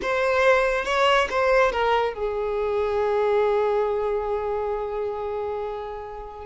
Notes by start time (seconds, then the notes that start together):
0.02 C5
0.85 C#5
1.29 C5
1.71 A#4
2.13 G#4